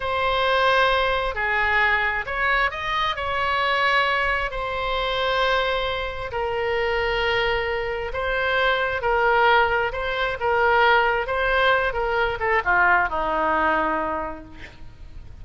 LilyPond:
\new Staff \with { instrumentName = "oboe" } { \time 4/4 \tempo 4 = 133 c''2. gis'4~ | gis'4 cis''4 dis''4 cis''4~ | cis''2 c''2~ | c''2 ais'2~ |
ais'2 c''2 | ais'2 c''4 ais'4~ | ais'4 c''4. ais'4 a'8 | f'4 dis'2. | }